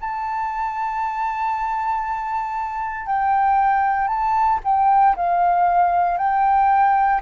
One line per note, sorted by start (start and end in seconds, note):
0.00 3.06 A5
3.06 4.08 G5
4.08 4.59 A5
4.64 5.15 G5
5.16 6.17 F5
6.17 7.21 G5